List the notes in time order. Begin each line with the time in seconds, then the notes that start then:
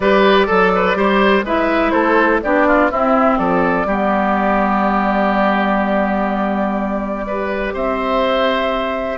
0.00 G3 G4 B4 D5
0.46 F#3 A4
0.75 B4
0.94 G3 G4 C5
1.43 G#3 E4 B4 E5
1.90 A3 A4 C5
2.42 B3 D4 G4 D5
2.67 F4
2.90 C4 E4 E5
3.37 F3 A4 D5
3.85 G3 B3 G4
7.26 G4 B4
7.73 C4 C5 E5